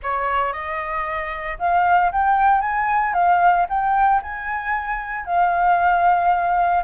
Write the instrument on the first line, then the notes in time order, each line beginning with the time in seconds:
flute
0.03 C#5
0.52 D#5
1.59 F5
2.11 G5
2.61 G#5
3.13 F5
3.69 G5
4.22 G#5
5.25 F5